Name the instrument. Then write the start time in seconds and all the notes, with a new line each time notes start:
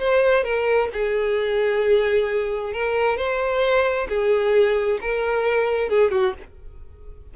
violin
0.00 C5
0.44 A#4
0.93 G#4
2.74 A#4
3.18 C5
4.09 G#4
5.01 A#4
5.90 G#4
6.12 F#4